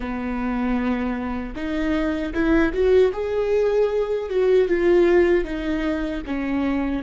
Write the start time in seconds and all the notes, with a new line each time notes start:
0.00 B3
1.55 D#4
2.34 E4
2.73 F#4
3.12 G#4
4.29 F#4
4.68 F4
5.44 D#4
6.26 C#4